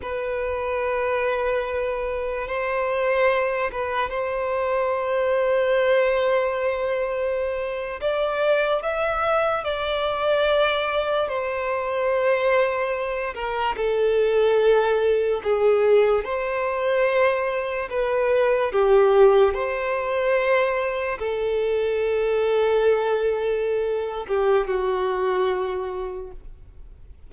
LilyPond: \new Staff \with { instrumentName = "violin" } { \time 4/4 \tempo 4 = 73 b'2. c''4~ | c''8 b'8 c''2.~ | c''4.~ c''16 d''4 e''4 d''16~ | d''4.~ d''16 c''2~ c''16~ |
c''16 ais'8 a'2 gis'4 c''16~ | c''4.~ c''16 b'4 g'4 c''16~ | c''4.~ c''16 a'2~ a'16~ | a'4. g'8 fis'2 | }